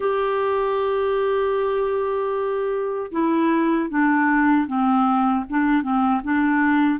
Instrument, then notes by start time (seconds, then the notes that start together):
clarinet
0.00 G4
3.11 E4
3.89 D4
4.66 C4
5.49 D4
5.82 C4
6.23 D4